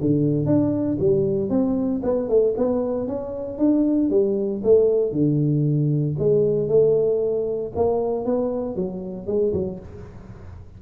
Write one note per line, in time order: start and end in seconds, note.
0.00 0.46 D3
0.46 0.97 D4
0.99 1.49 G3
1.49 2.01 C4
2.03 2.28 B3
2.28 2.54 A3
2.57 3.07 B3
3.07 3.58 C#4
3.58 4.10 D4
4.10 4.62 G3
4.63 5.12 A3
5.12 6.15 D3
6.18 6.68 G#3
6.68 7.72 A3
7.75 8.25 A#3
8.25 8.75 B3
8.75 9.26 F#3
9.26 9.52 G#3
9.53 9.79 F#3